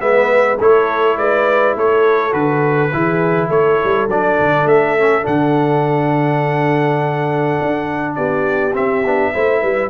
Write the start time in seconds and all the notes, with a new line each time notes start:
0.00 G#3 B3 B4 E5
0.59 A3 E4 A4 C#5
1.17 G#3 B4 D5
1.76 A3 A4 C#5
2.31 D3 F#4 B4
2.93 E3 E4 G#4
3.49 A3 A4 C#5
3.84 G3
4.08 F#3 D4 D5
4.39 D3
4.65 A3 E5
4.99 C#4
5.22 D3 D4 F#5
7.62 D4
8.15 B3 G4 D5
8.73 C4 E5
9.05 B3 D4
9.34 A3 E4 C5
9.61 G3 B4